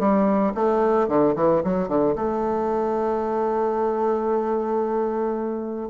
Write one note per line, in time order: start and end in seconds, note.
0.00 0.54 G3
0.55 1.09 A3
1.09 1.35 D3
1.36 1.63 E3
1.64 1.89 F#3
1.89 2.16 D3
2.16 5.90 A3